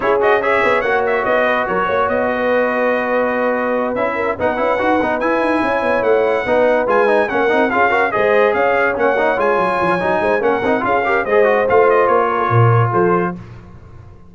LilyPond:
<<
  \new Staff \with { instrumentName = "trumpet" } { \time 4/4 \tempo 4 = 144 cis''8 dis''8 e''4 fis''8 e''8 dis''4 | cis''4 dis''2.~ | dis''4. e''4 fis''4.~ | fis''8 gis''2 fis''4.~ |
fis''8 gis''4 fis''4 f''4 dis''8~ | dis''8 f''4 fis''4 gis''4.~ | gis''4 fis''4 f''4 dis''4 | f''8 dis''8 cis''2 c''4 | }
  \new Staff \with { instrumentName = "horn" } { \time 4/4 gis'4 cis''2~ cis''8 b'8 | ais'8 cis''4 b'2~ b'8~ | b'2 ais'8 b'4.~ | b'4. cis''2 b'8~ |
b'4. ais'4 gis'8 ais'8 c''8~ | c''8 cis''2.~ cis''8~ | cis''8 c''8 ais'4 gis'8 ais'8 c''4~ | c''4. ais'16 a'16 ais'4 a'4 | }
  \new Staff \with { instrumentName = "trombone" } { \time 4/4 e'8 fis'8 gis'4 fis'2~ | fis'1~ | fis'4. e'4 dis'8 e'8 fis'8 | dis'8 e'2. dis'8~ |
dis'8 f'8 dis'8 cis'8 dis'8 f'8 fis'8 gis'8~ | gis'4. cis'8 dis'8 f'4. | dis'4 cis'8 dis'8 f'8 g'8 gis'8 fis'8 | f'1 | }
  \new Staff \with { instrumentName = "tuba" } { \time 4/4 cis'4. b8 ais4 b4 | fis8 ais8 b2.~ | b4. cis'4 b8 cis'8 dis'8 | b8 e'8 dis'8 cis'8 b8 a4 b8~ |
b8 gis4 ais8 c'8 cis'4 gis8~ | gis8 cis'4 ais4 gis8 fis8 f8 | fis8 gis8 ais8 c'8 cis'4 gis4 | a4 ais4 ais,4 f4 | }
>>